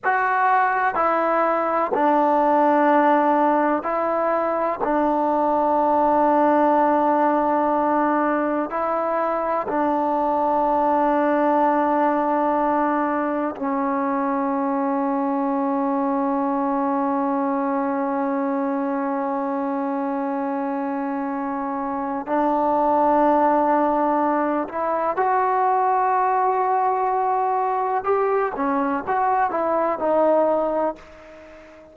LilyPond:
\new Staff \with { instrumentName = "trombone" } { \time 4/4 \tempo 4 = 62 fis'4 e'4 d'2 | e'4 d'2.~ | d'4 e'4 d'2~ | d'2 cis'2~ |
cis'1~ | cis'2. d'4~ | d'4. e'8 fis'2~ | fis'4 g'8 cis'8 fis'8 e'8 dis'4 | }